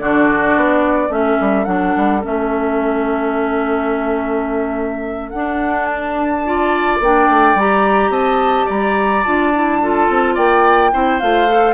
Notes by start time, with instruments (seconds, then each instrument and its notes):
0.00 bassoon D3, clarinet D4, oboe F#4, flute D5
0.56 bassoon B3
1.09 bassoon A3, clarinet C#4, oboe A4, flute E5
1.41 bassoon G3
1.65 bassoon F#3, clarinet D4, flute F#5
1.97 bassoon G3
2.23 bassoon A3, clarinet C#4, flute E5
5.30 bassoon D4, clarinet D4, flute F#5
5.86 flute A5
6.46 clarinet F4, oboe D5
7.00 bassoon A#3, clarinet D4, flute G5
7.30 bassoon A3
7.55 bassoon G3, clarinet G4, flute A#5
8.10 bassoon C4, oboe D#5, flute A5
8.67 bassoon G3, oboe D5, flute A#5
9.24 bassoon D4, clarinet F4, flute A5
9.55 clarinet E4
9.83 clarinet F4, oboe A4
10.10 bassoon C4
10.35 bassoon A#3, oboe D5, flute G5
10.93 bassoon C4, clarinet E4, oboe C5
11.20 bassoon A3, clarinet F4, flute F5
11.48 clarinet A4